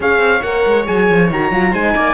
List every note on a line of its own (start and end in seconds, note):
0.00 0.18 C#4
0.00 0.41 G#4
0.00 1.71 C#5
0.00 0.42 F5
0.18 0.40 C4
0.42 0.64 A#3
0.42 0.85 A#4
0.42 0.85 F#5
0.66 0.88 G#3
0.85 1.10 F#3
0.85 1.29 G#4
0.85 1.29 G#5
1.10 1.30 F3
1.30 1.51 D#3
1.30 1.52 F#4
1.30 1.74 A#5
1.51 1.72 F#3
1.51 1.73 F4
1.71 1.94 G#3
1.71 2.14 D#4
1.71 1.93 C5
1.71 2.14 G#5
1.95 2.14 A#3
1.95 2.14 D5